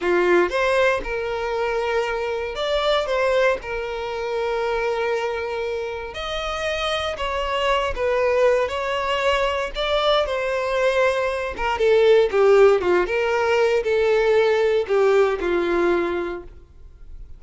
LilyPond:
\new Staff \with { instrumentName = "violin" } { \time 4/4 \tempo 4 = 117 f'4 c''4 ais'2~ | ais'4 d''4 c''4 ais'4~ | ais'1 | dis''2 cis''4. b'8~ |
b'4 cis''2 d''4 | c''2~ c''8 ais'8 a'4 | g'4 f'8 ais'4. a'4~ | a'4 g'4 f'2 | }